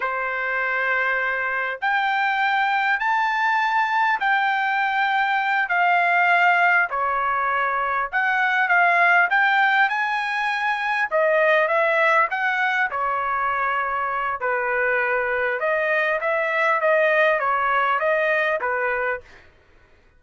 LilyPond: \new Staff \with { instrumentName = "trumpet" } { \time 4/4 \tempo 4 = 100 c''2. g''4~ | g''4 a''2 g''4~ | g''4. f''2 cis''8~ | cis''4. fis''4 f''4 g''8~ |
g''8 gis''2 dis''4 e''8~ | e''8 fis''4 cis''2~ cis''8 | b'2 dis''4 e''4 | dis''4 cis''4 dis''4 b'4 | }